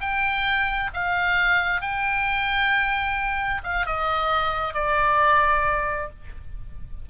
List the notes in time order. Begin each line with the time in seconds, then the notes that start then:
0.00 G5
0.93 F5
1.81 G5
3.63 F5
3.86 D#5
4.74 D5